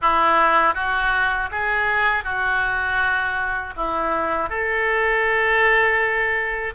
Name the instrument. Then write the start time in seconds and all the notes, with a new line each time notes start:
oboe
0.01 E4
0.74 F#4
1.51 G#4
2.24 F#4
3.76 E4
4.49 A4